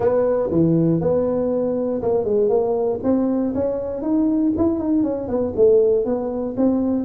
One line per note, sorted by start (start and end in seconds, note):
0.00 0.50 B3
0.50 1.00 E3
1.00 2.01 B3
2.02 2.24 A#3
2.24 2.49 G#3
2.49 2.99 A#3
3.03 3.53 C4
3.54 4.02 C#4
4.02 4.52 D#4
4.57 4.79 E4
4.79 5.03 D#4
5.03 5.28 C#4
5.28 5.53 B3
5.56 6.05 A3
6.05 6.55 B3
6.56 7.05 C4